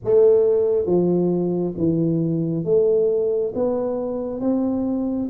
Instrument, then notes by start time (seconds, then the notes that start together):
tuba
0.04 A3
0.85 F3
1.76 E3
2.64 A3
3.55 B3
4.40 C4